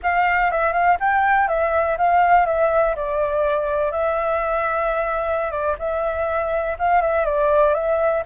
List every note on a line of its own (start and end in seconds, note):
0.02 0.51 F5
0.51 0.72 E5
0.72 0.97 F5
1.00 1.48 G5
1.48 1.97 E5
1.97 2.45 F5
2.45 2.95 E5
2.95 3.91 D5
3.91 5.51 E5
5.51 5.75 D5
5.79 6.77 E5
6.78 7.01 F5
7.01 7.25 E5
7.25 7.74 D5
7.74 8.23 E5